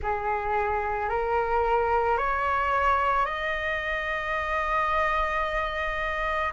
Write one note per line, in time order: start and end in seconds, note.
0.02 1.09 G#4
1.09 2.17 A#4
2.17 3.25 C#5
3.25 6.53 D#5